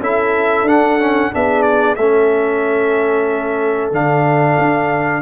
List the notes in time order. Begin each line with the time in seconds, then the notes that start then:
0.00 C#4 E4 A4 E5
0.63 D4 F#5
0.99 C#4
1.32 B3 D4 G#4 E5
1.62 D5
1.95 A3 C#4 A4 E5
3.91 D3 D4 F5
4.58 D4